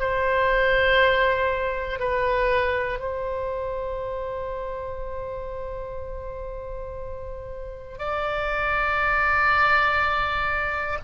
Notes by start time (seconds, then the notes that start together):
0.00 C5
2.00 B4
3.00 C5
7.99 D5